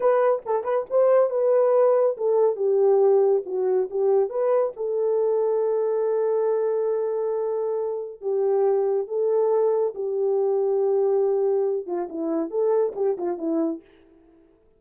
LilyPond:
\new Staff \with { instrumentName = "horn" } { \time 4/4 \tempo 4 = 139 b'4 a'8 b'8 c''4 b'4~ | b'4 a'4 g'2 | fis'4 g'4 b'4 a'4~ | a'1~ |
a'2. g'4~ | g'4 a'2 g'4~ | g'2.~ g'8 f'8 | e'4 a'4 g'8 f'8 e'4 | }